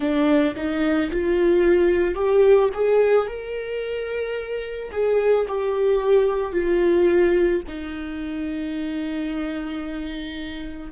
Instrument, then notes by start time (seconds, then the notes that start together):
viola
0.00 D4
0.56 D#4
1.11 F4
2.15 G4
2.74 G#4
3.27 A#4
4.91 G#4
5.48 G4
6.52 F4
7.67 D#4